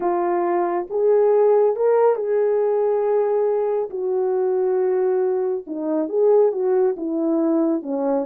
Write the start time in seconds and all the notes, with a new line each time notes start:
0.00 F4
0.90 G#4
1.75 A#4
2.15 G#4
3.90 F#4
5.66 D#4
6.08 G#4
6.52 F#4
6.96 E4
7.82 C#4